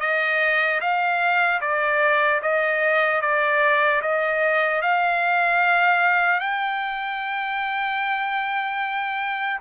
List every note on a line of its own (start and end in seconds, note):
0.00 0.80 D#5
0.80 1.60 F5
1.61 2.41 D5
2.42 3.21 D#5
3.21 4.01 D5
4.01 4.81 D#5
4.81 6.40 F5
6.40 9.60 G5